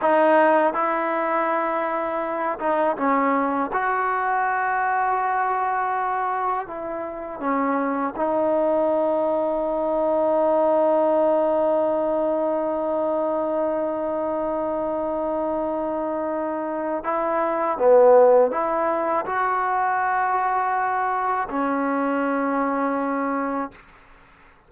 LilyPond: \new Staff \with { instrumentName = "trombone" } { \time 4/4 \tempo 4 = 81 dis'4 e'2~ e'8 dis'8 | cis'4 fis'2.~ | fis'4 e'4 cis'4 dis'4~ | dis'1~ |
dis'1~ | dis'2. e'4 | b4 e'4 fis'2~ | fis'4 cis'2. | }